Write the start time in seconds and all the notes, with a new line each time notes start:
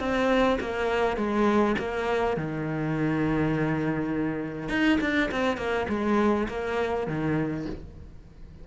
0.00 C4
0.61 A#3
1.17 G#3
1.79 A#3
2.37 D#3
4.70 D#4
5.01 D4
5.32 C4
5.58 A#3
5.89 G#3
6.49 A#3
7.08 D#3